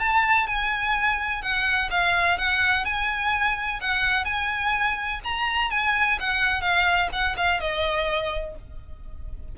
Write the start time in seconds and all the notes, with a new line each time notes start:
0.00 A5
0.47 G#5
1.42 F#5
1.91 F5
2.38 F#5
2.85 G#5
3.81 F#5
4.25 G#5
5.24 A#5
5.71 G#5
6.20 F#5
6.61 F5
7.13 F#5
7.37 F5
7.61 D#5